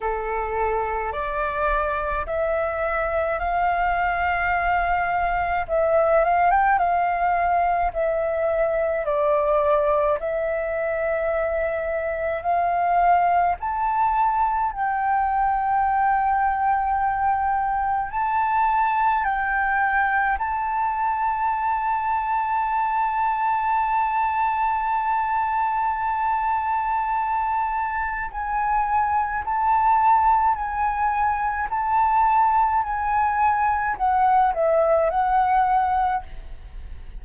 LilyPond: \new Staff \with { instrumentName = "flute" } { \time 4/4 \tempo 4 = 53 a'4 d''4 e''4 f''4~ | f''4 e''8 f''16 g''16 f''4 e''4 | d''4 e''2 f''4 | a''4 g''2. |
a''4 g''4 a''2~ | a''1~ | a''4 gis''4 a''4 gis''4 | a''4 gis''4 fis''8 e''8 fis''4 | }